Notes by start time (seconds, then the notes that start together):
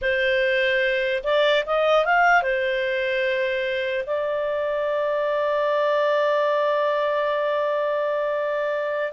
0.01 C5
1.23 D5
1.65 D#5
2.05 F5
2.42 C5
4.06 D5